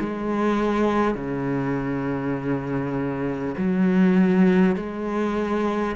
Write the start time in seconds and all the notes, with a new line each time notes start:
0.00 G#3
1.15 C#3
3.58 F#3
4.76 G#3